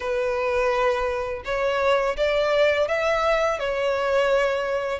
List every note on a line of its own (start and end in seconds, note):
0.00 1.43 B4
1.44 2.16 C#5
2.16 2.88 D5
2.88 3.59 E5
3.59 4.99 C#5